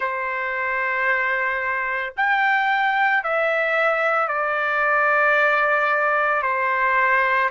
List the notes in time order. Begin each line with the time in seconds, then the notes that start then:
0.00 C5
2.16 G5
3.23 E5
4.28 D5
6.42 C5